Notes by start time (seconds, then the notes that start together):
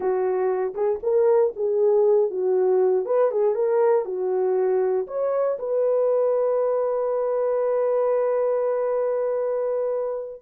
0.00 F#4
0.74 G#4
1.02 A#4
1.56 G#4
2.30 F#4
3.05 B4
3.31 G#4
3.55 A#4
4.05 F#4
5.07 C#5
5.59 B4